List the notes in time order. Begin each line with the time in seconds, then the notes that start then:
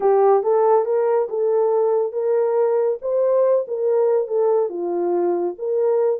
0.00 G4
0.43 A4
0.85 A#4
1.29 A4
2.12 A#4
3.01 C5
3.67 A#4
4.27 A4
4.69 F4
5.58 A#4